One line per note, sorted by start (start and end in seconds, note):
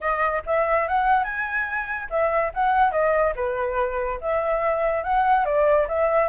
0.00 0.42 D#5
0.46 0.88 E5
0.88 1.24 F#5
1.24 2.08 G#5
2.10 2.52 E5
2.53 2.91 F#5
2.91 3.33 D#5
3.35 4.19 B4
4.20 5.03 E5
5.03 5.45 F#5
5.45 5.87 D5
5.88 6.28 E5